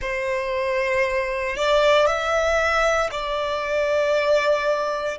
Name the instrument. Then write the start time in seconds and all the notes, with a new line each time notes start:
violin
0.00 C5
1.56 D5
2.06 E5
3.11 D5